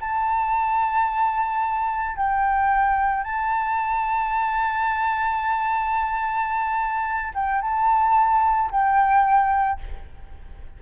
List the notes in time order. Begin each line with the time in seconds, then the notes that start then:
0.00 A5
2.16 G5
3.24 A5
7.34 G5
7.61 A5
8.71 G5